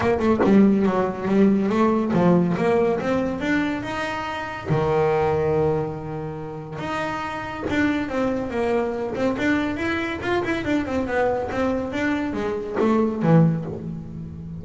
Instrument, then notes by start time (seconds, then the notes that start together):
double bass
0.00 A#3
0.19 A3
0.44 G3
0.86 F#3
1.28 G3
1.69 A3
2.13 F3
2.57 A#3
2.99 C4
3.40 D4
3.82 D#4
4.69 D#3
6.79 D#4
7.69 D4
8.09 C4
8.50 A#3
9.15 C4
9.38 D4
9.77 E4
10.21 F4
10.44 E4
10.64 D4
10.86 C4
11.07 B3
11.51 C4
11.92 D4
12.33 G#3
12.79 A3
13.22 E3